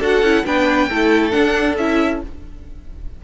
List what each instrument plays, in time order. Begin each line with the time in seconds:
0.00 cello D4, viola F#4, violin A4 F#5
0.22 cello C#4, viola E4
0.46 cello B3, viola D4, violin B4 G5
0.90 cello A3, viola E4, violin A4
1.31 viola D4, cello D4, violin F#5
1.78 cello C#4, viola E4, violin E5